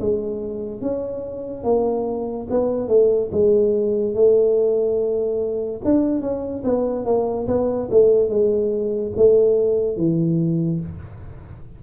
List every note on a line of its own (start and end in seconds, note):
0.00 0.81 G#3
0.81 1.64 C#4
1.64 2.47 A#3
2.50 2.88 B3
2.88 3.30 A3
3.31 4.14 G#3
4.14 5.81 A3
5.84 6.21 D4
6.21 6.63 C#4
6.64 7.05 B3
7.05 7.47 A#3
7.47 7.89 B3
7.91 8.29 A3
8.29 9.12 G#3
9.16 9.97 A3
9.97 10.80 E3